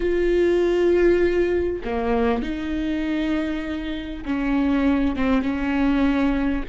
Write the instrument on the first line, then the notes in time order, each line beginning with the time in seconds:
viola
0.00 F4
1.84 A#3
2.42 D#4
4.25 C#4
5.15 C4
5.42 C#4